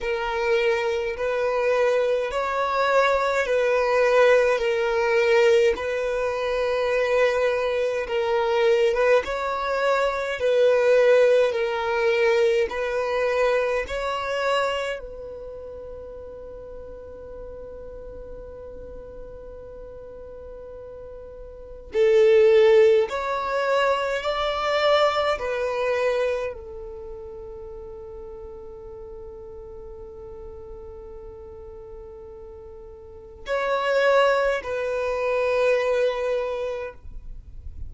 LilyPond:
\new Staff \with { instrumentName = "violin" } { \time 4/4 \tempo 4 = 52 ais'4 b'4 cis''4 b'4 | ais'4 b'2 ais'8. b'16 | cis''4 b'4 ais'4 b'4 | cis''4 b'2.~ |
b'2. a'4 | cis''4 d''4 b'4 a'4~ | a'1~ | a'4 cis''4 b'2 | }